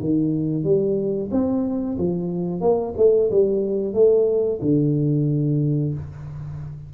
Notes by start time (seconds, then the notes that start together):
0.00 D#3
0.64 G3
1.31 C4
1.98 F3
2.61 A#3
2.97 A3
3.31 G3
3.94 A3
4.62 D3